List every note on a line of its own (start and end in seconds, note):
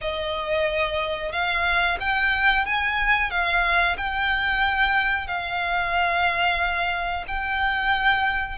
0.01 1.32 D#5
1.32 1.98 F5
1.99 2.65 G5
2.65 3.30 G#5
3.30 3.96 F5
3.97 5.27 G5
5.27 7.25 F5
7.27 8.58 G5